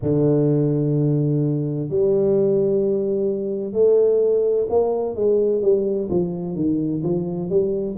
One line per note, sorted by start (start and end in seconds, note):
0.02 1.89 D3
1.89 3.72 G3
3.72 4.66 A3
4.69 5.15 A#3
5.15 5.61 G#3
5.61 6.08 G3
6.09 6.55 F3
6.55 7.01 D#3
7.03 7.49 F3
7.49 7.96 G3